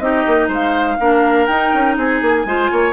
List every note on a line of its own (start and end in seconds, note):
0.00 0.24 C4
0.00 0.99 D#4
0.00 0.48 G4
0.00 0.49 D#5
0.27 0.49 A#3
0.48 0.97 G#3
0.48 0.97 C5
0.48 1.47 F5
1.00 1.48 A#3
1.00 1.49 D4
1.00 1.98 A#4
1.47 1.73 D#4
1.47 2.47 D#4
1.47 1.96 G5
1.74 1.98 C#4
1.98 2.22 C4
1.98 2.47 G#4
1.98 2.93 G#5
2.22 2.46 A#3
2.46 2.70 G#3
2.46 2.93 F4
2.46 2.71 C5
2.71 2.93 A#3
2.71 2.93 C#5